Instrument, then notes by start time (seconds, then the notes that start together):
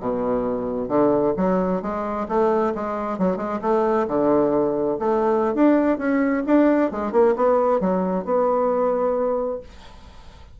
bassoon
0.00 B2
0.88 D3
1.37 F#3
1.82 G#3
2.28 A3
2.75 G#3
3.18 F#3
3.37 G#3
3.62 A3
4.07 D3
4.99 A3
5.54 D4
5.98 C#4
6.46 D4
6.91 G#3
7.12 A#3
7.36 B3
7.80 F#3
8.25 B3